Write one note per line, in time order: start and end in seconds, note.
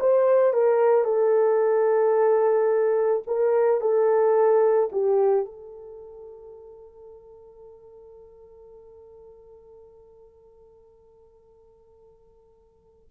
0.00 0.54 C5
0.54 1.05 A#4
1.05 3.23 A4
3.27 3.81 A#4
3.81 4.90 A4
4.92 5.45 G4
5.45 13.09 A4